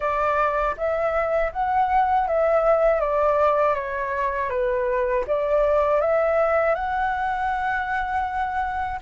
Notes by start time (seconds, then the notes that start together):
0.00 D5
0.77 E5
1.52 F#5
2.27 E5
3.00 D5
3.74 C#5
4.49 B4
5.27 D5
6.00 E5
6.74 F#5